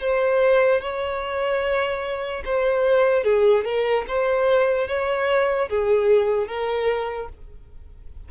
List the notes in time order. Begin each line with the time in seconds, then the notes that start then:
0.00 C5
0.81 C#5
2.45 C5
3.24 G#4
3.64 A#4
4.08 C5
4.88 C#5
5.69 G#4
6.47 A#4